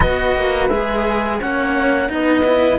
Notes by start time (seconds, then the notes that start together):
0.00 B3 F#4 B4 D#5
0.36 A#3
0.68 G#3 G#4 E5
1.39 A#3 C#4 C#5 F#5
2.08 B3 D#4 B4 D#5
2.44 E4